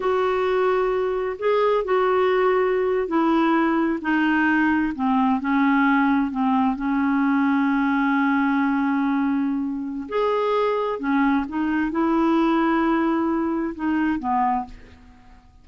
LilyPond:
\new Staff \with { instrumentName = "clarinet" } { \time 4/4 \tempo 4 = 131 fis'2. gis'4 | fis'2~ fis'8. e'4~ e'16~ | e'8. dis'2 c'4 cis'16~ | cis'4.~ cis'16 c'4 cis'4~ cis'16~ |
cis'1~ | cis'2 gis'2 | cis'4 dis'4 e'2~ | e'2 dis'4 b4 | }